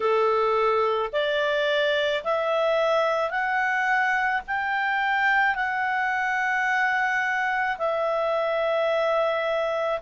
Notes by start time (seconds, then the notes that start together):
0.00 A4
1.12 D5
2.24 E5
3.30 F#5
4.47 G5
5.55 F#5
7.78 E5